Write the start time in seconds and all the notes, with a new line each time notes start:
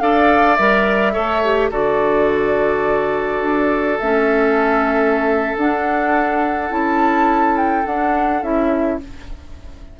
0.00 D4 A4 D5 F5
0.56 G3 A#4 E5
1.13 A3 A4 C#5
1.44 G4
1.71 D3 F#4 A4 D5
3.41 D4
3.99 A3 C#4 E5
5.56 D4 F#5
6.70 C#4 E4 A5
7.57 G5
7.85 D4 F#5
8.42 C#4 E4 E5